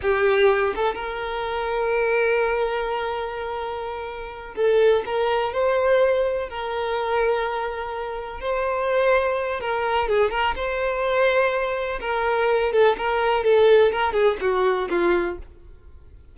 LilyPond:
\new Staff \with { instrumentName = "violin" } { \time 4/4 \tempo 4 = 125 g'4. a'8 ais'2~ | ais'1~ | ais'4. a'4 ais'4 c''8~ | c''4. ais'2~ ais'8~ |
ais'4. c''2~ c''8 | ais'4 gis'8 ais'8 c''2~ | c''4 ais'4. a'8 ais'4 | a'4 ais'8 gis'8 fis'4 f'4 | }